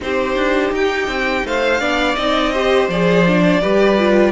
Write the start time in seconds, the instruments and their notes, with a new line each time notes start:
0.00 cello C4, viola D#4, violin G4 C5
0.35 cello D4
0.72 cello D#4, violin G5
1.07 cello C4
1.44 cello A3, violin C5 F5
1.80 cello B3, viola D4, violin D5
2.15 cello C4, viola D#4, violin D#5
2.53 viola G4, violin C5
2.88 cello F3, viola G#4, violin D5
3.27 viola D4
3.61 cello G3, viola G4, violin B4
3.98 viola F4